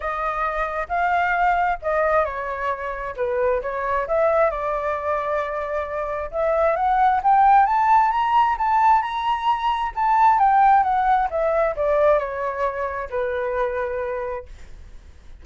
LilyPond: \new Staff \with { instrumentName = "flute" } { \time 4/4 \tempo 4 = 133 dis''2 f''2 | dis''4 cis''2 b'4 | cis''4 e''4 d''2~ | d''2 e''4 fis''4 |
g''4 a''4 ais''4 a''4 | ais''2 a''4 g''4 | fis''4 e''4 d''4 cis''4~ | cis''4 b'2. | }